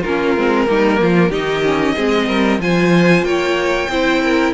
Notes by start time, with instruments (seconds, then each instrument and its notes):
0.00 cello A#3, viola C#4, violin F4 A#4
0.36 cello G#3, viola C4
0.66 cello G3, viola A#3, violin D#4
1.00 cello F3, violin F4
1.29 cello D#3, viola D#4, violin G4 D#5
1.64 viola C#4
1.95 cello G#3, viola C4, violin G#4
2.27 cello G3, violin A#4
2.58 cello F3, viola F4, violin C5 G#5
3.23 cello A#3, violin C#5 G5
3.88 cello C4, viola E4, violin C5
4.23 violin A#4